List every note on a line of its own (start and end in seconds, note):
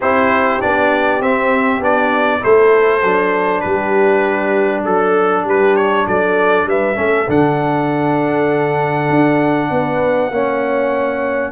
0.00 0.61 C4
0.00 0.60 E4
0.00 2.39 G4
0.00 0.61 C5
0.60 1.20 B3
0.60 1.21 D4
0.60 1.22 D5
1.20 1.80 C4
1.20 1.82 E5
1.80 2.41 B3
1.80 2.40 D4
1.80 2.43 D5
2.40 3.03 A3
2.40 3.01 E4
2.40 3.63 A4
2.40 3.60 C5
3.03 3.64 F#3
3.03 6.95 D4
3.60 4.85 G3
3.60 4.84 G4
3.60 4.82 B4
4.84 5.45 F#3
4.84 5.45 A4
4.84 5.44 A4
5.44 6.06 G3
5.44 6.04 G4
5.44 5.76 B4
5.76 6.06 C#5
6.07 6.66 F#3
6.07 6.67 A4
6.07 6.68 D5
6.66 6.96 G3
6.66 6.96 B4
6.66 7.29 E5
6.95 7.28 A3
6.95 7.25 C#4
6.95 9.69 A4
7.28 9.09 D3
7.28 10.31 D4
7.28 11.51 F#5
9.09 9.70 D4
9.70 10.30 B3
9.70 10.32 B4
10.30 11.51 A#3
10.30 11.51 C#4
10.30 11.51 C#5